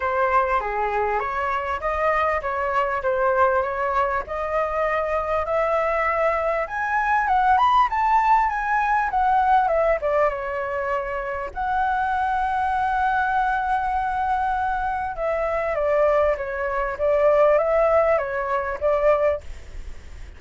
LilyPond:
\new Staff \with { instrumentName = "flute" } { \time 4/4 \tempo 4 = 99 c''4 gis'4 cis''4 dis''4 | cis''4 c''4 cis''4 dis''4~ | dis''4 e''2 gis''4 | fis''8 b''8 a''4 gis''4 fis''4 |
e''8 d''8 cis''2 fis''4~ | fis''1~ | fis''4 e''4 d''4 cis''4 | d''4 e''4 cis''4 d''4 | }